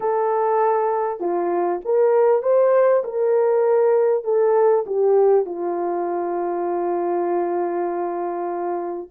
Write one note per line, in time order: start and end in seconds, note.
0.00 1.20 A4
1.20 1.80 F4
1.85 2.42 A#4
2.42 3.03 C5
3.04 4.24 A#4
4.24 4.84 A4
4.86 5.45 G4
5.45 9.09 F4